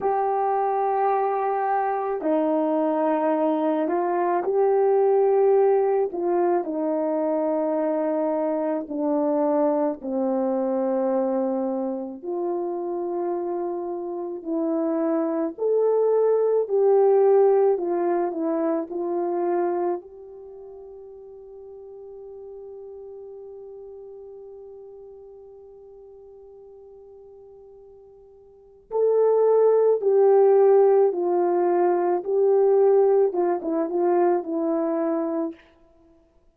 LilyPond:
\new Staff \with { instrumentName = "horn" } { \time 4/4 \tempo 4 = 54 g'2 dis'4. f'8 | g'4. f'8 dis'2 | d'4 c'2 f'4~ | f'4 e'4 a'4 g'4 |
f'8 e'8 f'4 g'2~ | g'1~ | g'2 a'4 g'4 | f'4 g'4 f'16 e'16 f'8 e'4 | }